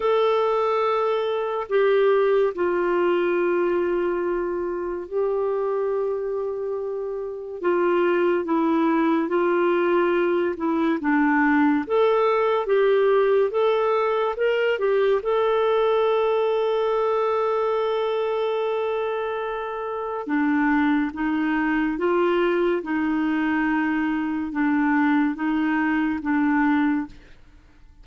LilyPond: \new Staff \with { instrumentName = "clarinet" } { \time 4/4 \tempo 4 = 71 a'2 g'4 f'4~ | f'2 g'2~ | g'4 f'4 e'4 f'4~ | f'8 e'8 d'4 a'4 g'4 |
a'4 ais'8 g'8 a'2~ | a'1 | d'4 dis'4 f'4 dis'4~ | dis'4 d'4 dis'4 d'4 | }